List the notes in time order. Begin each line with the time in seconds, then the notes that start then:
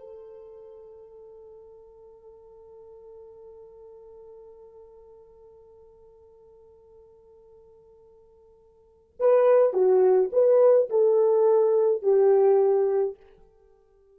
0.00 A4
9.20 B4
9.74 F#4
10.33 B4
10.90 A4
12.03 G4